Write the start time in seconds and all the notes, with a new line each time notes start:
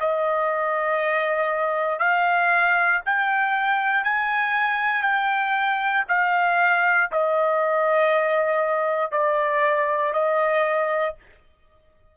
0.00 D#5
1.99 F5
3.06 G5
4.04 G#5
5.02 G5
6.09 F5
7.12 D#5
9.12 D5
10.13 D#5